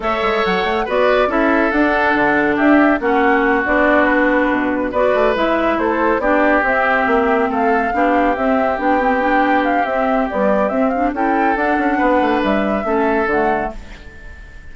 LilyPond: <<
  \new Staff \with { instrumentName = "flute" } { \time 4/4 \tempo 4 = 140 e''4 fis''4 d''4 e''4 | fis''2 e''4 fis''4~ | fis''8 d''4 b'2 d''8~ | d''8 e''4 c''4 d''4 e''8~ |
e''4. f''2 e''8~ | e''8 g''2 f''8 e''4 | d''4 e''8 f''8 g''4 fis''4~ | fis''4 e''2 fis''4 | }
  \new Staff \with { instrumentName = "oboe" } { \time 4/4 cis''2 b'4 a'4~ | a'2 g'4 fis'4~ | fis'2.~ fis'8 b'8~ | b'4. a'4 g'4.~ |
g'4. a'4 g'4.~ | g'1~ | g'2 a'2 | b'2 a'2 | }
  \new Staff \with { instrumentName = "clarinet" } { \time 4/4 a'2 fis'4 e'4 | d'2. cis'4~ | cis'8 d'2. fis'8~ | fis'8 e'2 d'4 c'8~ |
c'2~ c'8 d'4 c'8~ | c'8 d'8 c'8 d'4. c'4 | g4 c'8 d'8 e'4 d'4~ | d'2 cis'4 a4 | }
  \new Staff \with { instrumentName = "bassoon" } { \time 4/4 a8 gis8 fis8 a8 b4 cis'4 | d'4 d4 d'4 ais4~ | ais8 b2 b,4 b8 | a8 gis4 a4 b4 c'8~ |
c'8 ais4 a4 b4 c'8~ | c'8 b2~ b8 c'4 | b4 c'4 cis'4 d'8 cis'8 | b8 a8 g4 a4 d4 | }
>>